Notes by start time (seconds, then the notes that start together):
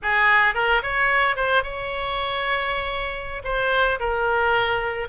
0.02 G#4
0.54 A#4
0.82 C#5
1.35 C5
1.63 C#5
3.44 C5
3.99 A#4